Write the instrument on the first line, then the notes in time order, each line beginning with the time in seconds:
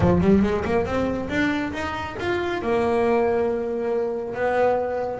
double bass
0.00 F3
0.20 G3
0.42 G#3
0.64 A#3
0.85 C4
1.29 D4
1.73 D#4
2.19 F4
2.62 A#3
4.34 B3